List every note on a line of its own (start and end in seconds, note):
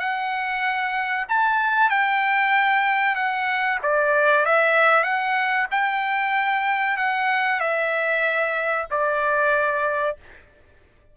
0.00 1.26 F#5
1.29 1.90 A5
1.90 3.16 G5
3.16 3.79 F#5
3.83 4.46 D5
4.46 5.04 E5
5.04 5.67 F#5
5.72 6.97 G5
6.97 7.60 F#5
7.60 8.87 E5
8.91 10.17 D5